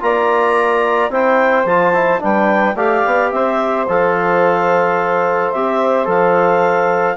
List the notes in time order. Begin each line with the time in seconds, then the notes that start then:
0.00 A#3 F4 D5 A#5
1.09 C4 E4 C5 G5
1.64 F3 F4 A5
1.93 E4
2.19 G3 D4 B4 G5
2.74 A3 G4 D5 F5
3.05 B3
3.31 C4 C5 E5
3.88 F3 A4 F5
5.51 C4 G4 E5
6.05 F3 A4 F5